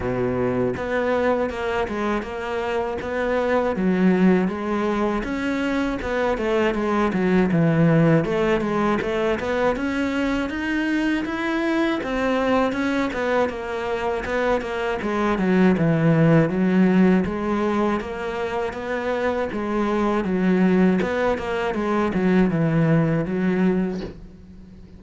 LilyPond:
\new Staff \with { instrumentName = "cello" } { \time 4/4 \tempo 4 = 80 b,4 b4 ais8 gis8 ais4 | b4 fis4 gis4 cis'4 | b8 a8 gis8 fis8 e4 a8 gis8 | a8 b8 cis'4 dis'4 e'4 |
c'4 cis'8 b8 ais4 b8 ais8 | gis8 fis8 e4 fis4 gis4 | ais4 b4 gis4 fis4 | b8 ais8 gis8 fis8 e4 fis4 | }